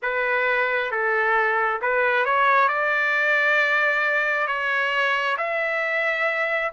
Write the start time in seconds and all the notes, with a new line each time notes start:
0.02 B4
0.91 A4
1.81 B4
2.25 C#5
2.68 D5
4.47 C#5
5.37 E5